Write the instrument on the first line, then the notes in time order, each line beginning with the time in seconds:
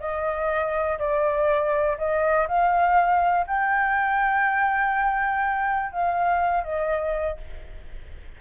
flute
0.00 D#5
0.99 D5
1.98 D#5
2.48 F5
3.47 G5
5.92 F5
6.64 D#5